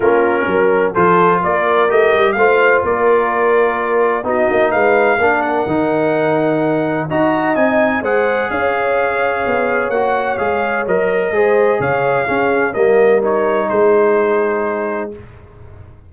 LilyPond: <<
  \new Staff \with { instrumentName = "trumpet" } { \time 4/4 \tempo 4 = 127 ais'2 c''4 d''4 | dis''4 f''4 d''2~ | d''4 dis''4 f''4. fis''8~ | fis''2. ais''4 |
gis''4 fis''4 f''2~ | f''4 fis''4 f''4 dis''4~ | dis''4 f''2 dis''4 | cis''4 c''2. | }
  \new Staff \with { instrumentName = "horn" } { \time 4/4 f'4 ais'4 a'4 ais'4~ | ais'4 c''4 ais'2~ | ais'4 fis'4 b'4 ais'4~ | ais'2. dis''4~ |
dis''4 c''4 cis''2~ | cis''1 | c''4 cis''4 gis'4 ais'4~ | ais'4 gis'2. | }
  \new Staff \with { instrumentName = "trombone" } { \time 4/4 cis'2 f'2 | g'4 f'2.~ | f'4 dis'2 d'4 | dis'2. fis'4 |
dis'4 gis'2.~ | gis'4 fis'4 gis'4 ais'4 | gis'2 cis'4 ais4 | dis'1 | }
  \new Staff \with { instrumentName = "tuba" } { \time 4/4 ais4 fis4 f4 ais4 | a8 g8 a4 ais2~ | ais4 b8 ais8 gis4 ais4 | dis2. dis'4 |
c'4 gis4 cis'2 | b4 ais4 gis4 fis4 | gis4 cis4 cis'4 g4~ | g4 gis2. | }
>>